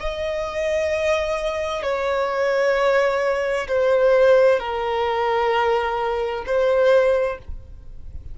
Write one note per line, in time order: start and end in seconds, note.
0.00 1.83 D#5
1.83 3.68 C#5
3.68 4.60 C5
4.60 6.44 A#4
6.47 7.39 C5